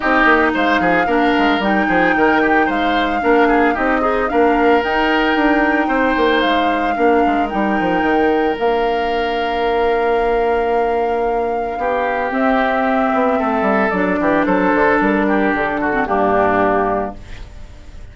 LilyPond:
<<
  \new Staff \with { instrumentName = "flute" } { \time 4/4 \tempo 4 = 112 dis''4 f''2 g''4~ | g''4 f''2 dis''4 | f''4 g''2. | f''2 g''2 |
f''1~ | f''2. e''4~ | e''2 d''4 c''4 | ais'4 a'4 g'2 | }
  \new Staff \with { instrumentName = "oboe" } { \time 4/4 g'4 c''8 gis'8 ais'4. gis'8 | ais'8 g'8 c''4 ais'8 gis'8 g'8 dis'8 | ais'2. c''4~ | c''4 ais'2.~ |
ais'1~ | ais'2 g'2~ | g'4 a'4. g'8 a'4~ | a'8 g'4 fis'8 d'2 | }
  \new Staff \with { instrumentName = "clarinet" } { \time 4/4 dis'2 d'4 dis'4~ | dis'2 d'4 dis'8 gis'8 | d'4 dis'2.~ | dis'4 d'4 dis'2 |
d'1~ | d'2. c'4~ | c'2 d'2~ | d'4.~ d'16 c'16 ais2 | }
  \new Staff \with { instrumentName = "bassoon" } { \time 4/4 c'8 ais8 gis8 f8 ais8 gis8 g8 f8 | dis4 gis4 ais4 c'4 | ais4 dis'4 d'4 c'8 ais8 | gis4 ais8 gis8 g8 f8 dis4 |
ais1~ | ais2 b4 c'4~ | c'8 b8 a8 g8 fis8 e8 fis8 d8 | g4 d4 g,2 | }
>>